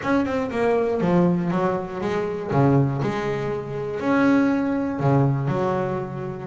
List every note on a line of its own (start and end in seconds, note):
0.02 0.25 C#4
0.25 0.50 C4
0.50 1.00 A#3
1.00 1.50 F3
1.50 2.00 F#3
2.00 2.50 G#3
2.51 3.01 C#3
3.02 4.00 G#3
4.00 4.99 C#4
4.99 5.47 C#3
5.47 6.47 F#3